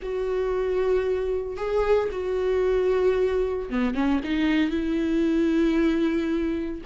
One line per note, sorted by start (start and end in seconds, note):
0.02 1.56 F#4
1.56 2.09 G#4
2.11 3.69 F#4
3.69 3.94 B3
3.94 4.20 C#4
4.24 4.70 D#4
4.70 6.81 E4